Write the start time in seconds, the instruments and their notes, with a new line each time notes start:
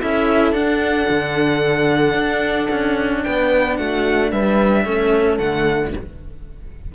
0.00 cello C#4 E4, horn A4, violin E5
0.52 cello D4, violin F#5
1.09 cello D3
2.14 cello D4
2.70 cello C#4
3.23 cello B3, horn B4, violin G5
3.77 cello A3, horn F#4, violin F#5
4.31 cello G3, horn B4, violin E5
4.85 cello A3 C#4, horn A4
5.38 cello D3 A3, violin F#5